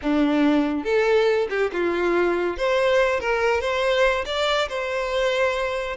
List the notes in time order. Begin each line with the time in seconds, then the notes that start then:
0.02 D4
0.84 A4
1.49 G4
1.72 F4
2.57 C5
3.20 A#4
3.60 C5
4.25 D5
4.68 C5